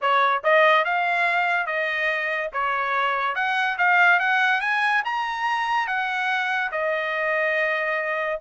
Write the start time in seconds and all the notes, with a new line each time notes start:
0.01 C#5
0.43 D#5
0.84 F5
1.66 D#5
2.53 C#5
3.35 F#5
3.78 F5
4.19 F#5
4.60 G#5
5.04 A#5
5.87 F#5
6.71 D#5